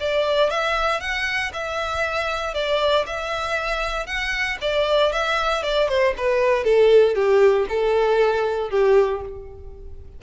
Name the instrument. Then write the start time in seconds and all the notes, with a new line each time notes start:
violin
0.00 D5
0.50 E5
1.00 F#5
1.53 E5
2.54 D5
3.06 E5
4.06 F#5
4.61 D5
5.12 E5
5.62 D5
5.88 C5
6.17 B4
6.64 A4
7.15 G4
7.69 A4
8.70 G4